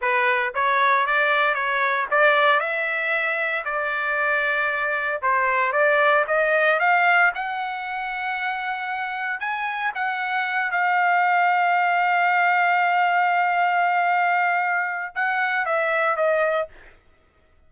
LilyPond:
\new Staff \with { instrumentName = "trumpet" } { \time 4/4 \tempo 4 = 115 b'4 cis''4 d''4 cis''4 | d''4 e''2 d''4~ | d''2 c''4 d''4 | dis''4 f''4 fis''2~ |
fis''2 gis''4 fis''4~ | fis''8 f''2.~ f''8~ | f''1~ | f''4 fis''4 e''4 dis''4 | }